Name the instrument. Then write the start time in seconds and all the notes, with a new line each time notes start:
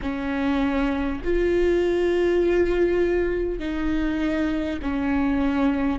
viola
0.02 C#4
1.24 F4
3.59 D#4
4.82 C#4